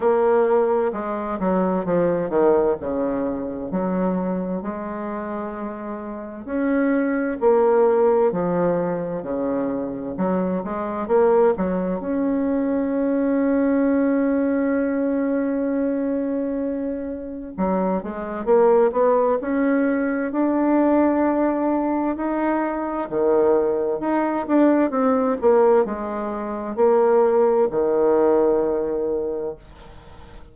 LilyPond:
\new Staff \with { instrumentName = "bassoon" } { \time 4/4 \tempo 4 = 65 ais4 gis8 fis8 f8 dis8 cis4 | fis4 gis2 cis'4 | ais4 f4 cis4 fis8 gis8 | ais8 fis8 cis'2.~ |
cis'2. fis8 gis8 | ais8 b8 cis'4 d'2 | dis'4 dis4 dis'8 d'8 c'8 ais8 | gis4 ais4 dis2 | }